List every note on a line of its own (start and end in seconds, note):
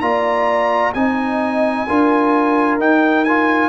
0.00 0.93 A#3
0.00 0.93 F4
0.00 0.94 D5
0.00 0.92 A#5
0.93 1.86 C4
0.93 1.87 D#4
0.93 1.86 D#5
0.93 2.78 G#5
1.86 2.78 D4
1.86 2.79 F4
1.86 3.69 A#4
2.78 3.69 D#4
2.78 3.25 D#4
2.78 3.24 G5
3.24 3.69 F4
3.24 3.69 G#5